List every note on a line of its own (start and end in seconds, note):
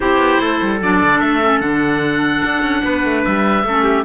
0.00 0.17 C4
0.00 0.79 E4
0.00 0.40 G4
0.00 0.79 C5
0.17 0.37 B3
0.40 0.60 A3
0.40 2.84 A4
0.61 0.81 G3
0.81 1.02 F#3
0.81 1.42 D4
0.81 1.19 D5
1.02 1.21 D3
1.19 1.60 A3
1.19 1.60 E5
1.42 1.60 C#4
1.60 2.42 D3
1.60 3.63 D4
1.60 3.22 F#5
2.44 2.62 D4
2.62 2.82 C#4
2.84 3.04 B3
2.84 3.65 B4
3.04 3.25 A3
3.24 3.63 G3
3.24 4.04 E5
3.63 4.04 A3
3.63 4.04 C#4
3.63 3.83 A4
3.83 4.03 G4